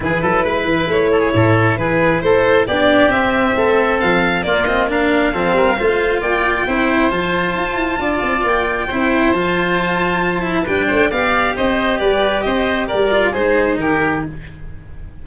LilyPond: <<
  \new Staff \with { instrumentName = "violin" } { \time 4/4 \tempo 4 = 135 b'2 cis''2 | b'4 c''4 d''4 e''4~ | e''4 f''4 d''8 dis''8 f''4~ | f''2 g''2 |
a''2. g''4~ | g''4 a''2. | g''4 f''4 dis''4 d''4 | dis''4 d''4 c''4 ais'4 | }
  \new Staff \with { instrumentName = "oboe" } { \time 4/4 gis'8 a'8 b'4. a'16 gis'16 a'4 | gis'4 a'4 g'2 | a'2 f'4 ais'4 | a'8 ais'8 c''4 d''4 c''4~ |
c''2 d''2 | c''1 | b'8 c''8 d''4 c''4 b'4 | c''4 ais'4 gis'4 g'4 | }
  \new Staff \with { instrumentName = "cello" } { \time 4/4 e'1~ | e'2 d'4 c'4~ | c'2 ais8 c'8 d'4 | c'4 f'2 e'4 |
f'1 | e'4 f'2~ f'8 e'8 | d'4 g'2.~ | g'4. f'8 dis'2 | }
  \new Staff \with { instrumentName = "tuba" } { \time 4/4 e8 fis8 gis8 e8 a4 a,4 | e4 a4 b4 c'4 | a4 f4 ais2 | f8 g8 a4 ais4 c'4 |
f4 f'8 e'8 d'8 c'8 ais4 | c'4 f2. | g8 a8 b4 c'4 g4 | c'4 g4 gis4 dis4 | }
>>